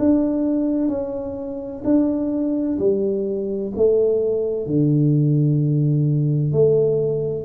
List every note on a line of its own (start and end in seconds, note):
0.00 0.89 D4
0.89 1.83 C#4
1.85 2.79 D4
2.79 3.73 G3
3.76 4.67 A3
4.67 6.53 D3
6.53 7.45 A3